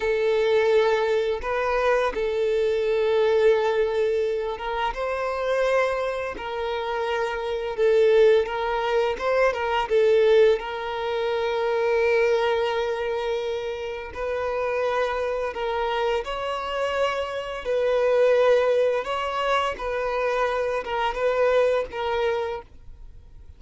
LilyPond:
\new Staff \with { instrumentName = "violin" } { \time 4/4 \tempo 4 = 85 a'2 b'4 a'4~ | a'2~ a'8 ais'8 c''4~ | c''4 ais'2 a'4 | ais'4 c''8 ais'8 a'4 ais'4~ |
ais'1 | b'2 ais'4 cis''4~ | cis''4 b'2 cis''4 | b'4. ais'8 b'4 ais'4 | }